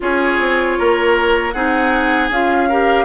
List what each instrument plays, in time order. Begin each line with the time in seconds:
0.00 bassoon C#4, clarinet F4, oboe G#4, flute C#5
0.39 bassoon C4
0.78 bassoon A#3, oboe A#4
1.51 bassoon C4, clarinet D#4, oboe G#4, flute F#5
2.30 bassoon C#4, clarinet F4, flute F5
2.69 clarinet G4, oboe A#4